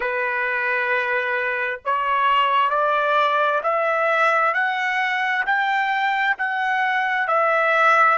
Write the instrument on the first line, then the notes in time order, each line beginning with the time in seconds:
trumpet
0.00 B4
1.84 C#5
2.70 D5
3.63 E5
4.53 F#5
5.45 G5
6.38 F#5
7.27 E5